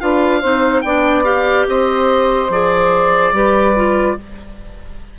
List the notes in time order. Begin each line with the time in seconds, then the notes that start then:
0.00 D4 F4 B4 F5
0.41 C4 D#4 C5
0.81 B3 D4 D5 G5
1.24 G4 F5
1.67 C4 C5 D#5
2.49 F3 G#4 D5
3.32 G3 G4 B4
3.76 F4